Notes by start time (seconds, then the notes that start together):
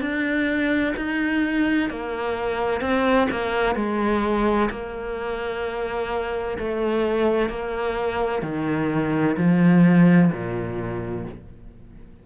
0.00 D4
0.96 D#4
1.89 A#3
2.80 C4
3.30 A#3
3.75 G#3
4.70 A#3
6.58 A3
7.49 A#3
8.42 D#3
9.37 F3
10.32 A#2